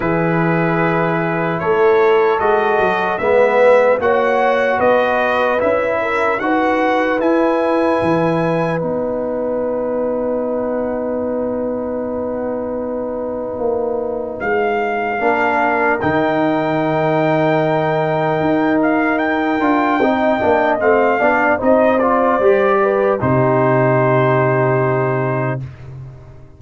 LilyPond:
<<
  \new Staff \with { instrumentName = "trumpet" } { \time 4/4 \tempo 4 = 75 b'2 cis''4 dis''4 | e''4 fis''4 dis''4 e''4 | fis''4 gis''2 fis''4~ | fis''1~ |
fis''2 f''2 | g''2.~ g''8 f''8 | g''2 f''4 dis''8 d''8~ | d''4 c''2. | }
  \new Staff \with { instrumentName = "horn" } { \time 4/4 gis'2 a'2 | b'4 cis''4 b'4. ais'8 | b'1~ | b'1~ |
b'2. ais'4~ | ais'1~ | ais'4 dis''4. d''8 c''4~ | c''8 b'8 g'2. | }
  \new Staff \with { instrumentName = "trombone" } { \time 4/4 e'2. fis'4 | b4 fis'2 e'4 | fis'4 e'2 dis'4~ | dis'1~ |
dis'2. d'4 | dis'1~ | dis'8 f'8 dis'8 d'8 c'8 d'8 dis'8 f'8 | g'4 dis'2. | }
  \new Staff \with { instrumentName = "tuba" } { \time 4/4 e2 a4 gis8 fis8 | gis4 ais4 b4 cis'4 | dis'4 e'4 e4 b4~ | b1~ |
b4 ais4 gis4 ais4 | dis2. dis'4~ | dis'8 d'8 c'8 ais8 a8 b8 c'4 | g4 c2. | }
>>